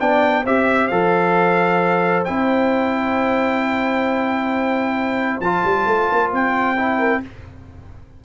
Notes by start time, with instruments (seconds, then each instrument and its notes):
0.00 tuba B3, trombone D4, horn D5, trumpet G5
0.44 tuba C4, trombone G4, horn C5, trumpet E5
0.88 tuba F3, trombone A4, trumpet F5
2.25 tuba C4, trombone E4, trumpet G5
5.40 tuba F3, trombone F4, trumpet A5
5.64 tuba G3
5.86 tuba A3
6.12 tuba A#3
6.33 tuba C4, trumpet G5
6.77 trombone E4
6.98 horn A#4